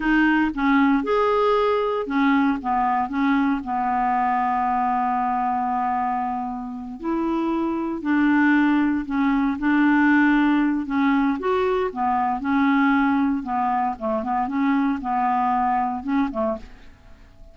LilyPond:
\new Staff \with { instrumentName = "clarinet" } { \time 4/4 \tempo 4 = 116 dis'4 cis'4 gis'2 | cis'4 b4 cis'4 b4~ | b1~ | b4. e'2 d'8~ |
d'4. cis'4 d'4.~ | d'4 cis'4 fis'4 b4 | cis'2 b4 a8 b8 | cis'4 b2 cis'8 a8 | }